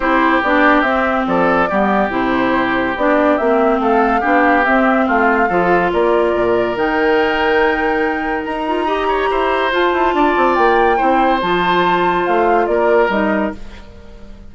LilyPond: <<
  \new Staff \with { instrumentName = "flute" } { \time 4/4 \tempo 4 = 142 c''4 d''4 e''4 d''4~ | d''4 c''2 d''4 | e''4 f''2 e''4 | f''2 d''2 |
g''1 | ais''2. a''4~ | a''4 g''2 a''4~ | a''4 f''4 d''4 dis''4 | }
  \new Staff \with { instrumentName = "oboe" } { \time 4/4 g'2. a'4 | g'1~ | g'4 a'4 g'2 | f'4 a'4 ais'2~ |
ais'1~ | ais'4 dis''8 cis''8 c''2 | d''2 c''2~ | c''2 ais'2 | }
  \new Staff \with { instrumentName = "clarinet" } { \time 4/4 e'4 d'4 c'2 | b4 e'2 d'4 | c'2 d'4 c'4~ | c'4 f'2. |
dis'1~ | dis'8 f'8 g'2 f'4~ | f'2 e'4 f'4~ | f'2. dis'4 | }
  \new Staff \with { instrumentName = "bassoon" } { \time 4/4 c'4 b4 c'4 f4 | g4 c2 b4 | ais4 a4 b4 c'4 | a4 f4 ais4 ais,4 |
dis1 | dis'2 e'4 f'8 e'8 | d'8 c'8 ais4 c'4 f4~ | f4 a4 ais4 g4 | }
>>